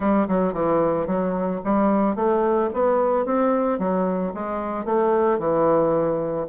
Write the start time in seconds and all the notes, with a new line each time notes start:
0.00 G3
0.28 F#3
0.53 E3
1.07 F#3
1.64 G3
2.15 A3
2.73 B3
3.25 C4
3.78 F#3
4.34 G#3
4.85 A3
5.38 E3